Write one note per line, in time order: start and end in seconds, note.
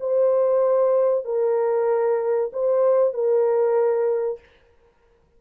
0.00 1.25 C5
1.25 2.51 A#4
2.52 3.13 C5
3.13 4.40 A#4